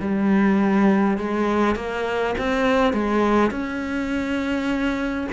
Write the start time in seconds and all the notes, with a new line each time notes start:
0.00 G3
1.18 G#3
1.76 A#3
2.38 C4
2.94 G#3
3.51 C#4